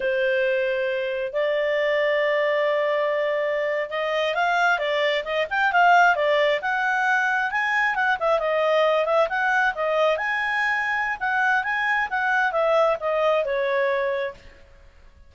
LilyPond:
\new Staff \with { instrumentName = "clarinet" } { \time 4/4 \tempo 4 = 134 c''2. d''4~ | d''1~ | d''8. dis''4 f''4 d''4 dis''16~ | dis''16 g''8 f''4 d''4 fis''4~ fis''16~ |
fis''8. gis''4 fis''8 e''8 dis''4~ dis''16~ | dis''16 e''8 fis''4 dis''4 gis''4~ gis''16~ | gis''4 fis''4 gis''4 fis''4 | e''4 dis''4 cis''2 | }